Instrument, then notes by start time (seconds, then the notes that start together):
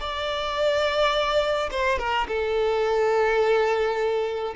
violin
0.00 D5
1.71 C5
1.99 A#4
2.28 A4